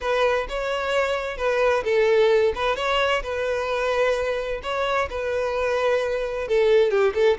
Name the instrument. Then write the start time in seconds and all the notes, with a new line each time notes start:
violin
0.01 B4
0.48 C#5
1.37 B4
1.84 A4
2.55 B4
2.76 C#5
3.22 B4
4.62 C#5
5.10 B4
6.48 A4
6.90 G4
7.14 A4